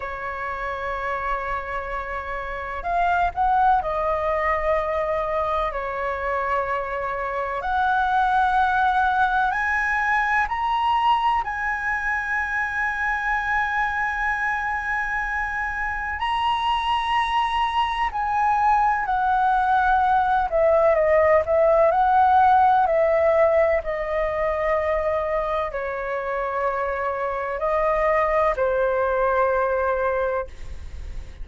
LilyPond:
\new Staff \with { instrumentName = "flute" } { \time 4/4 \tempo 4 = 63 cis''2. f''8 fis''8 | dis''2 cis''2 | fis''2 gis''4 ais''4 | gis''1~ |
gis''4 ais''2 gis''4 | fis''4. e''8 dis''8 e''8 fis''4 | e''4 dis''2 cis''4~ | cis''4 dis''4 c''2 | }